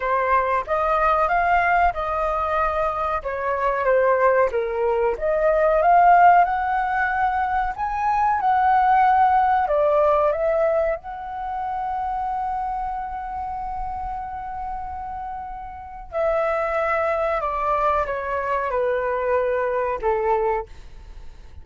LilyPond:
\new Staff \with { instrumentName = "flute" } { \time 4/4 \tempo 4 = 93 c''4 dis''4 f''4 dis''4~ | dis''4 cis''4 c''4 ais'4 | dis''4 f''4 fis''2 | gis''4 fis''2 d''4 |
e''4 fis''2.~ | fis''1~ | fis''4 e''2 d''4 | cis''4 b'2 a'4 | }